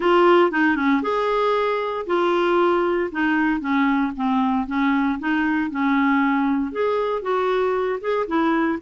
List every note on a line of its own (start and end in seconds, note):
0.00 0.51 F4
0.51 0.75 D#4
0.75 1.01 C#4
1.02 2.05 G#4
2.06 3.10 F4
3.11 3.60 D#4
3.60 4.12 C#4
4.16 4.66 C4
4.66 5.18 C#4
5.19 5.70 D#4
5.70 6.71 C#4
6.71 7.22 G#4
7.22 7.99 F#4
8.00 8.26 G#4
8.27 8.79 E4